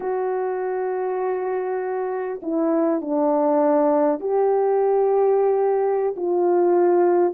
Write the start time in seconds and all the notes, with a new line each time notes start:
0.00 F#4
2.42 E4
3.01 D4
4.20 G4
6.16 F4